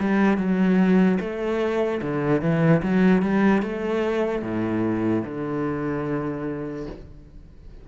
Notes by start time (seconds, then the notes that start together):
0.00 G3
0.38 F#3
1.21 A3
2.02 D3
2.41 E3
2.83 F#3
3.22 G3
3.63 A3
4.43 A2
5.25 D3